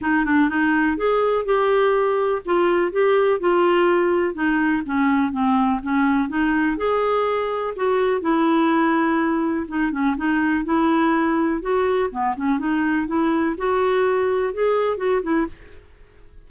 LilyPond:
\new Staff \with { instrumentName = "clarinet" } { \time 4/4 \tempo 4 = 124 dis'8 d'8 dis'4 gis'4 g'4~ | g'4 f'4 g'4 f'4~ | f'4 dis'4 cis'4 c'4 | cis'4 dis'4 gis'2 |
fis'4 e'2. | dis'8 cis'8 dis'4 e'2 | fis'4 b8 cis'8 dis'4 e'4 | fis'2 gis'4 fis'8 e'8 | }